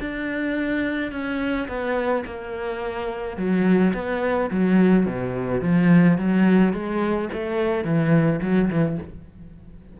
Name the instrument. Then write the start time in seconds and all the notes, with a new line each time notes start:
cello
0.00 D4
1.11 C#4
1.68 B3
2.25 A#3
3.36 F#3
3.94 B3
4.50 F#3
5.06 B2
5.61 F3
6.17 F#3
6.73 G#3
7.33 A3
7.84 E3
8.41 F#3
8.70 E3